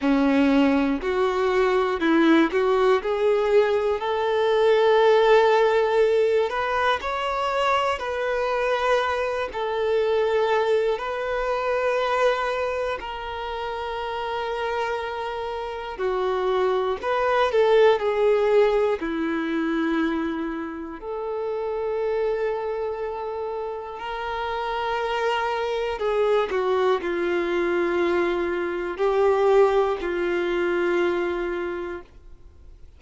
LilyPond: \new Staff \with { instrumentName = "violin" } { \time 4/4 \tempo 4 = 60 cis'4 fis'4 e'8 fis'8 gis'4 | a'2~ a'8 b'8 cis''4 | b'4. a'4. b'4~ | b'4 ais'2. |
fis'4 b'8 a'8 gis'4 e'4~ | e'4 a'2. | ais'2 gis'8 fis'8 f'4~ | f'4 g'4 f'2 | }